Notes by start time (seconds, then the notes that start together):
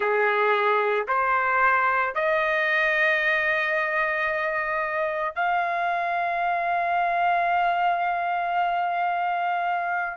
0.00 G#4
1.07 C5
2.14 D#5
5.35 F5